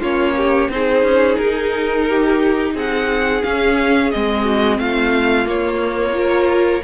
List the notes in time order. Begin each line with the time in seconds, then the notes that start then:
0.00 A#3 C#4 F4 C#5
0.37 G4
0.69 C4 D#4 G#4 C5
1.03 C#4
1.37 D#4 A#4
2.09 G4
2.75 C4 G#4 F#5
3.43 C#4 F5
4.11 G#3 C4 D#5
4.44 F#4
4.79 A3 F4 F5
5.45 A#3 C#5
6.13 F4 A#4